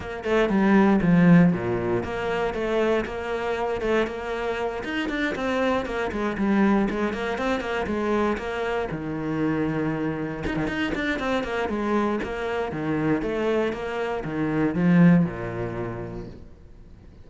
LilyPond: \new Staff \with { instrumentName = "cello" } { \time 4/4 \tempo 4 = 118 ais8 a8 g4 f4 ais,4 | ais4 a4 ais4. a8 | ais4. dis'8 d'8 c'4 ais8 | gis8 g4 gis8 ais8 c'8 ais8 gis8~ |
gis8 ais4 dis2~ dis8~ | dis8 dis'16 dis16 dis'8 d'8 c'8 ais8 gis4 | ais4 dis4 a4 ais4 | dis4 f4 ais,2 | }